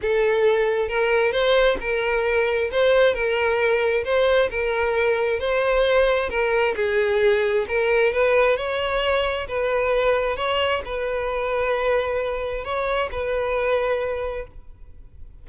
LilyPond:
\new Staff \with { instrumentName = "violin" } { \time 4/4 \tempo 4 = 133 a'2 ais'4 c''4 | ais'2 c''4 ais'4~ | ais'4 c''4 ais'2 | c''2 ais'4 gis'4~ |
gis'4 ais'4 b'4 cis''4~ | cis''4 b'2 cis''4 | b'1 | cis''4 b'2. | }